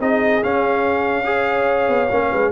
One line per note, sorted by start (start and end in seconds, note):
0.00 0.42 C4
0.00 0.43 D#4
0.00 1.26 G#4
0.00 0.44 D#5
0.43 1.24 C#4
0.43 1.89 C#4
0.43 2.52 F5
1.24 2.08 G#4
1.24 2.31 C#5
1.89 2.10 B3
2.11 2.32 A#3
2.11 2.52 C#4
2.31 2.52 G#3
2.31 2.52 B4